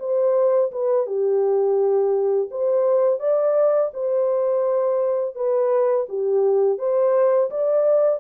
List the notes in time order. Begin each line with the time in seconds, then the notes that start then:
0.00 C5
0.72 B4
1.07 G4
2.51 C5
3.20 D5
3.94 C5
5.35 B4
6.09 G4
6.79 C5
7.51 D5